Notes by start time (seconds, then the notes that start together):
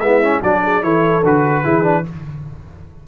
0.00 G#3 B3 E4 E5
0.22 C#4
0.43 F#3 D4 F#4 D5
0.64 G#4
0.83 E3 E4 A4 C#5
1.24 D3 F#4 B4
1.63 E3 E4 G#4
1.83 D4